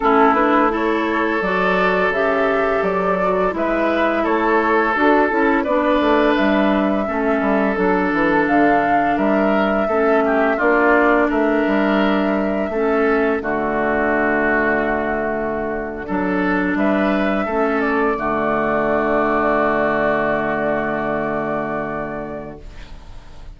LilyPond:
<<
  \new Staff \with { instrumentName = "flute" } { \time 4/4 \tempo 4 = 85 a'8 b'8 cis''4 d''4 e''4 | d''4 e''4 cis''4 a'4 | d''4 e''2 a'4 | f''4 e''2 d''4 |
e''2. d''4~ | d''2.~ d''8. e''16~ | e''4~ e''16 d''2~ d''8.~ | d''1 | }
  \new Staff \with { instrumentName = "oboe" } { \time 4/4 e'4 a'2.~ | a'4 b'4 a'2 | b'2 a'2~ | a'4 ais'4 a'8 g'8 f'4 |
ais'2 a'4 fis'4~ | fis'2~ fis'8. a'4 b'16~ | b'8. a'4 fis'2~ fis'16~ | fis'1 | }
  \new Staff \with { instrumentName = "clarinet" } { \time 4/4 cis'8 d'8 e'4 fis'4 g'4~ | g'8 fis'8 e'2 fis'8 e'8 | d'2 cis'4 d'4~ | d'2 cis'4 d'4~ |
d'2 cis'4 a4~ | a2~ a8. d'4~ d'16~ | d'8. cis'4 a2~ a16~ | a1 | }
  \new Staff \with { instrumentName = "bassoon" } { \time 4/4 a2 fis4 cis4 | fis4 gis4 a4 d'8 cis'8 | b8 a8 g4 a8 g8 fis8 e8 | d4 g4 a4 ais4 |
a8 g4. a4 d4~ | d2~ d8. fis4 g16~ | g8. a4 d2~ d16~ | d1 | }
>>